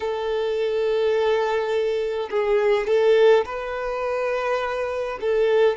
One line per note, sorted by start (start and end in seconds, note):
0.00 2.29 A4
2.30 2.87 G#4
2.87 3.45 A4
3.45 5.18 B4
5.20 5.76 A4